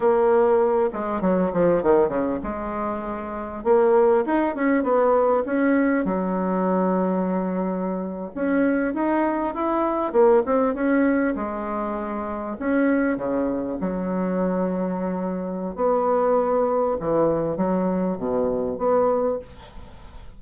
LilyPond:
\new Staff \with { instrumentName = "bassoon" } { \time 4/4 \tempo 4 = 99 ais4. gis8 fis8 f8 dis8 cis8 | gis2 ais4 dis'8 cis'8 | b4 cis'4 fis2~ | fis4.~ fis16 cis'4 dis'4 e'16~ |
e'8. ais8 c'8 cis'4 gis4~ gis16~ | gis8. cis'4 cis4 fis4~ fis16~ | fis2 b2 | e4 fis4 b,4 b4 | }